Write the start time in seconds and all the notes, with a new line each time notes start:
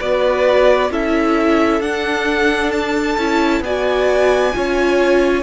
0.00 B3 F#4 B4 D5
0.91 C#4 E4 A4 E5
1.81 D4 F#5
2.72 A5
3.18 C#4 E4
3.61 B3 F#4 D5 G#5
4.53 C#4 F4 C#5